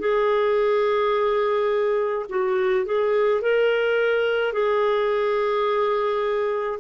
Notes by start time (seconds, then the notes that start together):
0.00 G#4
2.30 F#4
2.86 G#4
3.42 A#4
4.53 G#4